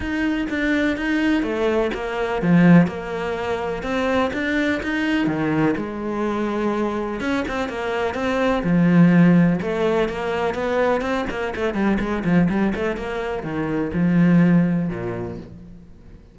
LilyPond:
\new Staff \with { instrumentName = "cello" } { \time 4/4 \tempo 4 = 125 dis'4 d'4 dis'4 a4 | ais4 f4 ais2 | c'4 d'4 dis'4 dis4 | gis2. cis'8 c'8 |
ais4 c'4 f2 | a4 ais4 b4 c'8 ais8 | a8 g8 gis8 f8 g8 a8 ais4 | dis4 f2 ais,4 | }